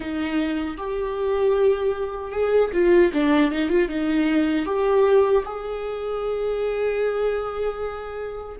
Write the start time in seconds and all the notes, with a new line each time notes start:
0.00 D#4
0.77 G4
2.31 G#4
2.73 F4
3.13 D4
3.51 D#4
3.69 F4
3.88 D#4
4.65 G4
5.44 G#4